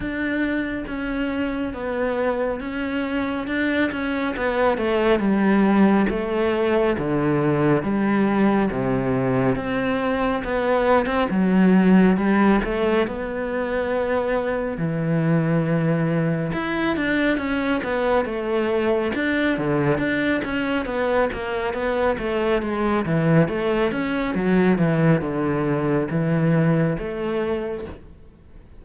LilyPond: \new Staff \with { instrumentName = "cello" } { \time 4/4 \tempo 4 = 69 d'4 cis'4 b4 cis'4 | d'8 cis'8 b8 a8 g4 a4 | d4 g4 c4 c'4 | b8. c'16 fis4 g8 a8 b4~ |
b4 e2 e'8 d'8 | cis'8 b8 a4 d'8 d8 d'8 cis'8 | b8 ais8 b8 a8 gis8 e8 a8 cis'8 | fis8 e8 d4 e4 a4 | }